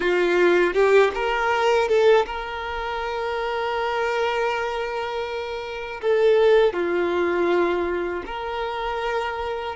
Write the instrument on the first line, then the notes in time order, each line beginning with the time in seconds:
violin
0.00 F4
0.73 G4
1.14 A#4
1.88 A4
2.25 A#4
6.01 A4
6.73 F4
8.26 A#4